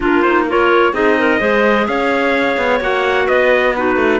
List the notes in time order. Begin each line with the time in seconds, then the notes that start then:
0.00 A#3 D4 F4 A#4
0.21 D#4 C5
0.47 F4 A#4 C#5
0.92 C4 D#4 G#4 D#5
1.18 A#4
1.39 G#3 G#4 C5
1.87 C#4 C#5 F5
2.57 B3
2.80 A#3 F#4 F#5
3.26 B3 B4 D#5
3.75 D#4 F#4 B4
3.96 A3